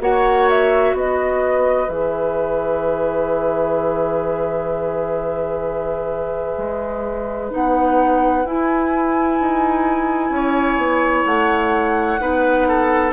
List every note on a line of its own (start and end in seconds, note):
0.00 0.94 A#3
0.00 1.87 F#4
0.00 0.96 C#5
0.00 0.49 F#5
0.49 0.96 E5
0.94 1.88 B3
0.94 10.34 B4
0.94 1.90 D#5
1.87 6.57 E3
1.87 7.50 G#4
1.87 7.52 E5
6.58 7.52 G#3
7.51 8.45 B3
7.51 8.44 D#4
7.51 8.46 F#5
8.45 9.39 E4
8.45 12.20 E4
8.45 11.25 G#5
9.41 10.30 D#4
10.30 10.77 C#4
10.30 12.21 C#5
10.77 11.24 B3
11.25 12.20 A3
11.25 13.13 F#5
12.20 13.13 B3
12.20 13.13 D#4
12.20 12.68 B4
12.68 13.13 A4